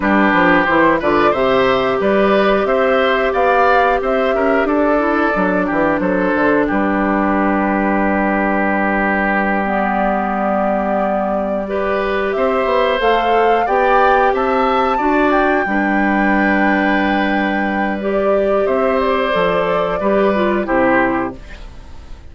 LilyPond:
<<
  \new Staff \with { instrumentName = "flute" } { \time 4/4 \tempo 4 = 90 b'4 c''8 d''8 e''4 d''4 | e''4 f''4 e''4 d''4~ | d''4 c''4 b'2~ | b'2~ b'8 d''4.~ |
d''2~ d''8 e''4 f''8~ | f''8 g''4 a''4. g''4~ | g''2. d''4 | e''8 d''2~ d''8 c''4 | }
  \new Staff \with { instrumentName = "oboe" } { \time 4/4 g'4. b'8 c''4 b'4 | c''4 d''4 c''8 ais'8 a'4~ | a'8 g'8 a'4 g'2~ | g'1~ |
g'4. b'4 c''4.~ | c''8 d''4 e''4 d''4 b'8~ | b'1 | c''2 b'4 g'4 | }
  \new Staff \with { instrumentName = "clarinet" } { \time 4/4 d'4 e'8 f'8 g'2~ | g'2.~ g'8 e'8 | d'1~ | d'2~ d'8 b4.~ |
b4. g'2 a'8~ | a'8 g'2 fis'4 d'8~ | d'2. g'4~ | g'4 a'4 g'8 f'8 e'4 | }
  \new Staff \with { instrumentName = "bassoon" } { \time 4/4 g8 f8 e8 d8 c4 g4 | c'4 b4 c'8 cis'8 d'4 | fis8 e8 fis8 d8 g2~ | g1~ |
g2~ g8 c'8 b8 a8~ | a8 b4 c'4 d'4 g8~ | g1 | c'4 f4 g4 c4 | }
>>